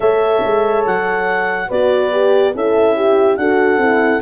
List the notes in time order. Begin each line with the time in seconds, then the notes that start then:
0.00 A3 A4 C#5 E5
0.44 G#3
0.85 F#3 F#5
1.68 B3 F#4 B4 D5
2.11 G4
2.54 C#4 E4 A4 E5
2.96 G4
3.36 D4 F#4 A4 F#5
3.77 C4 E4